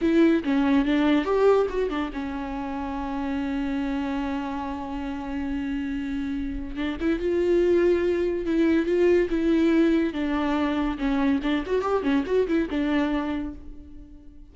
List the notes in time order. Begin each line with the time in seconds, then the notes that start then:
0.01 E4
0.44 C#4
0.85 D4
1.24 G4
1.69 F#4
1.89 D4
2.13 C#4
6.76 D4
7.00 E4
7.19 F4
8.45 E4
8.86 F4
9.30 E4
10.13 D4
10.98 C#4
11.42 D4
11.66 F#4
11.81 G4
12.02 C#4
12.26 F#4
12.47 E4
12.70 D4